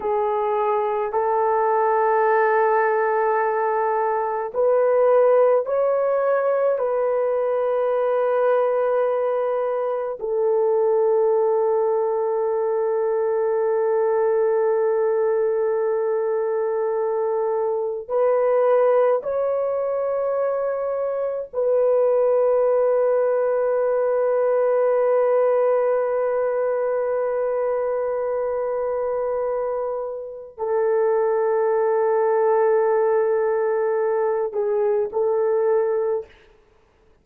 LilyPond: \new Staff \with { instrumentName = "horn" } { \time 4/4 \tempo 4 = 53 gis'4 a'2. | b'4 cis''4 b'2~ | b'4 a'2.~ | a'1 |
b'4 cis''2 b'4~ | b'1~ | b'2. a'4~ | a'2~ a'8 gis'8 a'4 | }